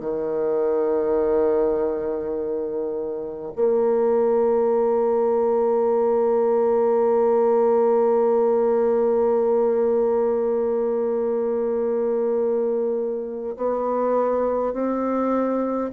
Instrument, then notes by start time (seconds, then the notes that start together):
bassoon
0.00 D#3
3.56 A#3
13.57 B3
14.73 C4